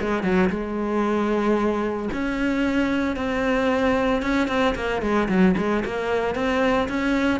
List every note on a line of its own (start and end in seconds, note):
0.00 0.23 G#3
0.23 0.49 F#3
0.49 2.09 G#3
2.13 3.16 C#4
3.16 4.22 C4
4.22 4.48 C#4
4.48 4.74 C4
4.75 5.02 A#3
5.02 5.28 G#3
5.28 5.55 F#3
5.57 5.84 G#3
5.85 6.35 A#3
6.35 6.88 C4
6.88 7.40 C#4